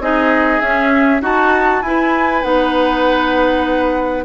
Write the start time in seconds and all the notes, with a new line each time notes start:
0.00 C4 D#4 G#4 D#5
0.61 C#4 E5
1.21 D#4 F#4 A5
1.83 E4 B4 G#5
2.43 B3 D#4 F#5